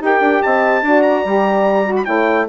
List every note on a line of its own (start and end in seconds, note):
0.00 0.21 D#4
0.00 0.82 G4
0.00 0.43 A#4
0.00 0.43 G5
0.21 0.41 D4
0.43 0.82 C4
0.43 0.84 D#5
0.43 1.02 A5
0.82 1.23 D4
0.82 1.26 F#4
0.82 2.06 D5
1.02 1.94 A#5
1.25 2.07 G3
1.25 1.85 G4
1.85 2.04 F#4
1.96 2.05 B5
2.04 2.49 A3
2.04 2.46 E4
2.04 2.47 C#5
2.04 2.46 G5